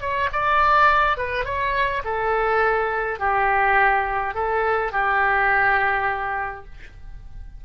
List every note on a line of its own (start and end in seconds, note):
0.00 0.29 C#5
0.32 1.17 D5
1.17 1.44 B4
1.44 2.02 C#5
2.04 3.19 A4
3.19 4.34 G4
4.34 4.91 A4
4.91 6.65 G4